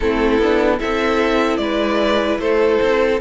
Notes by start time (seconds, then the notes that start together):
0.00 A3 C4 E4 A4
0.38 B3 D4
0.78 C4 E4 A4 E5
1.57 G#3 B4 D5
2.38 A3 A4 C5
2.82 C4